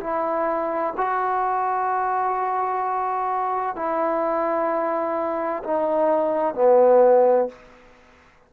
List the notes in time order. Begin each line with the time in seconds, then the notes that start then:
0.00 E4
0.97 F#4
3.75 E4
5.64 D#4
6.55 B3